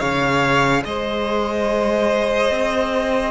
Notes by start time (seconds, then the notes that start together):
0.00 C#3 G#4 C#5 F5
0.85 G#3 C5 D#5
2.51 C4